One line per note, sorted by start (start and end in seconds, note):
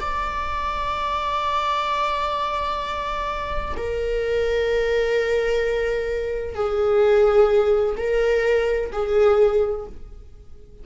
0.00 3.75 D5
3.77 6.55 A#4
6.55 7.95 G#4
7.97 8.91 A#4
8.92 9.86 G#4